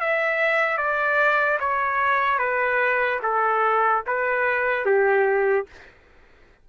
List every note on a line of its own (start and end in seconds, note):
0.00 0.77 E5
0.77 1.58 D5
1.60 2.38 C#5
2.38 3.20 B4
3.22 4.04 A4
4.07 4.85 B4
4.85 5.66 G4